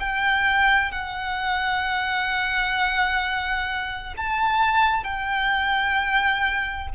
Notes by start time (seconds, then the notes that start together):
0.00 G5
0.91 F#5
4.17 A5
5.03 G5